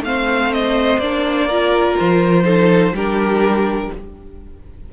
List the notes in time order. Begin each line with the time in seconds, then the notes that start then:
0.00 A3 C4 F5
0.06 C5
0.53 D#5
0.98 A#3 D4 D5
1.47 F4 A#4
1.99 F3 C5
2.44 D#4 A4
2.93 G3 D4 G4 A#4